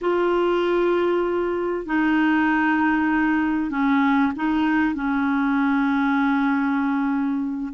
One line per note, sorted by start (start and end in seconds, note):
0.01 1.85 F4
1.85 3.70 D#4
3.70 4.32 C#4
4.36 4.95 D#4
4.95 7.73 C#4